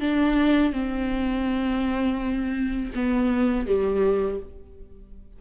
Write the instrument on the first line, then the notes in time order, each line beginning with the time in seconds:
viola
0.00 D4
0.72 C4
2.95 B3
3.66 G3